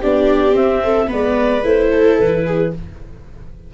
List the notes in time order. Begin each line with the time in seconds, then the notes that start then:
0.00 B3 D4 G4 D5
0.51 C4 E5
0.83 A4
1.07 G#3 B3 B4 D5
1.63 A3 E4 C5
1.90 A4
2.18 E3 B4
2.45 G#4